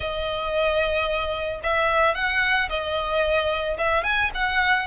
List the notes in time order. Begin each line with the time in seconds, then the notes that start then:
0.00 D#5
1.63 E5
2.14 F#5
2.69 D#5
3.78 E5
4.03 G#5
4.34 F#5